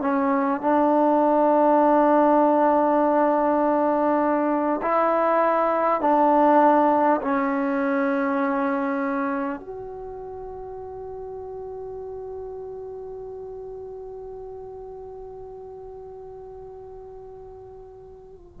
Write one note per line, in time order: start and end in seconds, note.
0.00 0.60 C#4
0.61 4.81 D4
4.82 6.00 E4
6.00 7.20 D4
7.21 9.59 C#4
9.59 18.59 F#4